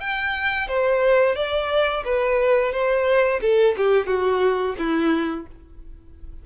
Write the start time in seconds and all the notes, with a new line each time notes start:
0.00 G5
0.68 C5
1.35 D5
2.05 B4
2.72 C5
3.41 A4
3.77 G4
4.07 F#4
4.78 E4